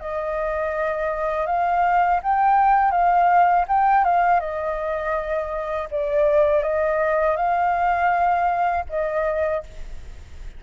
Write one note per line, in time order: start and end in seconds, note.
0.00 1.46 D#5
1.46 2.20 F5
2.23 2.91 G5
2.91 3.65 F5
3.68 4.04 G5
4.04 4.40 F5
4.40 5.88 D#5
5.91 6.62 D5
6.62 7.36 D#5
7.36 8.85 F5
8.89 9.63 D#5